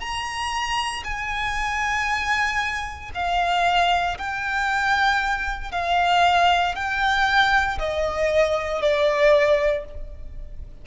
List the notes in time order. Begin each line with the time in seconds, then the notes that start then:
0.00 A#5
1.04 G#5
3.15 F5
4.18 G5
5.72 F5
6.75 G5
7.79 D#5
8.82 D5